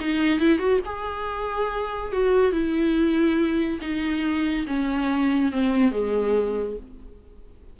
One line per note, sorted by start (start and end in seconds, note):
0.00 0.40 D#4
0.40 0.59 E4
0.59 0.80 F#4
0.85 2.12 G#4
2.12 2.52 F#4
2.52 3.79 E4
3.81 4.66 D#4
4.67 5.52 C#4
5.52 5.91 C4
5.91 6.76 G#3